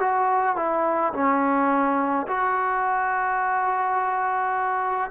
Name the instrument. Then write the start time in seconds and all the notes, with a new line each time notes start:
trombone
0.00 F#4
0.57 E4
1.14 C#4
2.28 F#4